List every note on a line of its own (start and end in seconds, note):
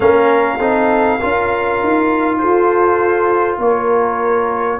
0.00 0.58 A#3
0.00 0.59 C#4
0.00 0.58 A#4
0.00 2.38 F5
0.58 1.19 C4
0.58 1.20 D#4
0.58 1.19 A4
1.19 1.83 C#4
1.19 4.79 F4
1.19 2.39 A#4
1.83 2.43 D#4
2.38 3.58 F4
2.38 3.60 A4
2.38 3.58 C5
3.58 4.78 A#3
3.58 4.79 A#4
3.58 4.79 C#5